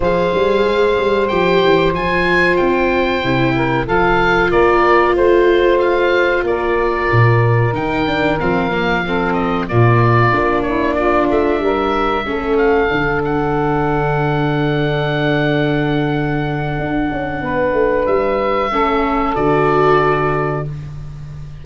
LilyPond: <<
  \new Staff \with { instrumentName = "oboe" } { \time 4/4 \tempo 4 = 93 f''2 g''4 gis''4 | g''2 f''4 d''4 | c''4 f''4 d''2 | g''4 f''4. dis''8 d''4~ |
d''8 cis''8 d''8 e''2 f''8~ | f''8 fis''2.~ fis''8~ | fis''1 | e''2 d''2 | }
  \new Staff \with { instrumentName = "saxophone" } { \time 4/4 c''1~ | c''4. ais'8 a'4 ais'4 | c''2 ais'2~ | ais'2 a'4 f'4~ |
f'8 e'8 f'4 ais'4 a'4~ | a'1~ | a'2. b'4~ | b'4 a'2. | }
  \new Staff \with { instrumentName = "viola" } { \time 4/4 gis'2 g'4 f'4~ | f'4 e'4 f'2~ | f'1 | dis'8 d'8 c'8 ais8 c'4 ais4 |
d'2. cis'4 | d'1~ | d'1~ | d'4 cis'4 fis'2 | }
  \new Staff \with { instrumentName = "tuba" } { \time 4/4 f8 g8 gis8 g8 f8 e8 f4 | c'4 c4 f4 ais4 | a2 ais4 ais,4 | dis4 f2 ais,4 |
ais4. a8 g4 a4 | d1~ | d2 d'8 cis'8 b8 a8 | g4 a4 d2 | }
>>